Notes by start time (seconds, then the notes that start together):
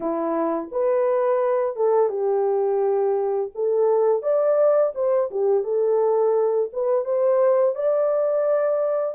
0.00 E4
0.71 B4
1.76 A4
2.09 G4
3.54 A4
4.22 D5
4.94 C5
5.31 G4
5.63 A4
6.72 B4
7.05 C5
7.75 D5